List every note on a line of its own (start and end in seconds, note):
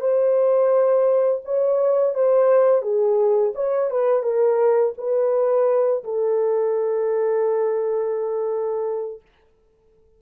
0.00 1.41 C5
1.45 2.14 C#5
2.14 2.82 C5
2.82 3.52 G#4
3.55 3.90 C#5
3.90 4.23 B4
4.23 4.93 A#4
4.97 6.03 B4
6.04 9.21 A4